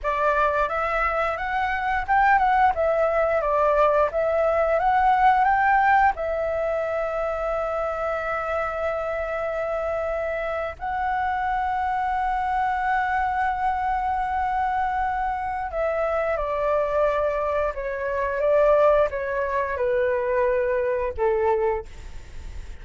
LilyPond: \new Staff \with { instrumentName = "flute" } { \time 4/4 \tempo 4 = 88 d''4 e''4 fis''4 g''8 fis''8 | e''4 d''4 e''4 fis''4 | g''4 e''2.~ | e''2.~ e''8. fis''16~ |
fis''1~ | fis''2. e''4 | d''2 cis''4 d''4 | cis''4 b'2 a'4 | }